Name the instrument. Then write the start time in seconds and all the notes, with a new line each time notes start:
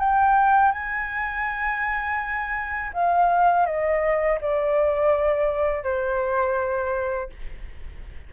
flute
0.00 G5
0.72 G#5
2.94 F5
3.66 D#5
4.42 D5
5.84 C5